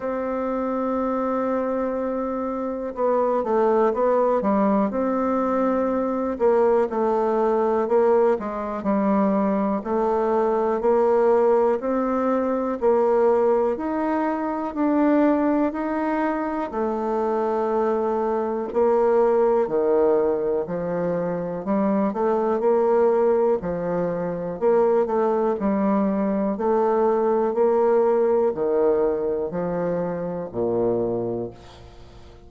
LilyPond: \new Staff \with { instrumentName = "bassoon" } { \time 4/4 \tempo 4 = 61 c'2. b8 a8 | b8 g8 c'4. ais8 a4 | ais8 gis8 g4 a4 ais4 | c'4 ais4 dis'4 d'4 |
dis'4 a2 ais4 | dis4 f4 g8 a8 ais4 | f4 ais8 a8 g4 a4 | ais4 dis4 f4 ais,4 | }